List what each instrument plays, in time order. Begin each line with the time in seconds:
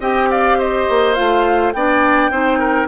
0.00 bassoon C4, clarinet G4, oboe D#5, flute G5
0.31 oboe D5, flute F5
0.58 oboe C5, flute D#5
0.89 bassoon A#3
1.15 bassoon A3, clarinet F4, flute F5
1.73 bassoon B3, clarinet D4, oboe D5, flute G5
2.30 bassoon C4, clarinet D#4, oboe C5
2.59 oboe A#4